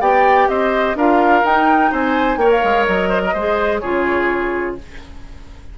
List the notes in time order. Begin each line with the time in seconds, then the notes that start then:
0.00 B3 G4 D5 G5
0.48 C4 C5 D#5
0.95 D4 F4 A#4 F5
1.43 D#4 G5
1.91 C4 C5 G#5
2.36 A#3 A#4 C#5 G5
2.50 F5
2.63 G#3
2.87 F#3 D#5
3.09 C5
3.24 A#4
3.33 G#3 G#4 C5
3.79 C#3 F4 G#4 C#5